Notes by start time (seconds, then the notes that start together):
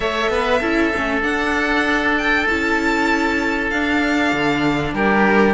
0.00 A3 A4 C#5 E5
0.29 B3 B4
0.60 C#4 E4 A4
0.95 A3 C#4
1.21 D4 F#5
2.18 G5
2.47 C#4 E4 A5
3.70 D4 F5
4.32 D3
4.93 G3 G4 A#4